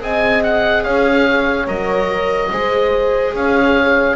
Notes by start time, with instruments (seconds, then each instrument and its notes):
0.00 double bass C4, viola G#4, horn D#5, oboe G#5
0.43 oboe F#5
0.84 double bass C#4, horn C#5, oboe F5
1.67 double bass F#3, viola A#4, oboe D#5
2.51 double bass G#3, viola G#4, horn C5
3.34 double bass C#4, horn C#5, oboe F5